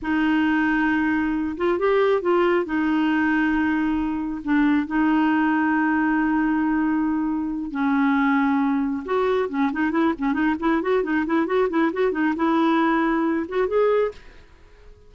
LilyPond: \new Staff \with { instrumentName = "clarinet" } { \time 4/4 \tempo 4 = 136 dis'2.~ dis'8 f'8 | g'4 f'4 dis'2~ | dis'2 d'4 dis'4~ | dis'1~ |
dis'4. cis'2~ cis'8~ | cis'8 fis'4 cis'8 dis'8 e'8 cis'8 dis'8 | e'8 fis'8 dis'8 e'8 fis'8 e'8 fis'8 dis'8 | e'2~ e'8 fis'8 gis'4 | }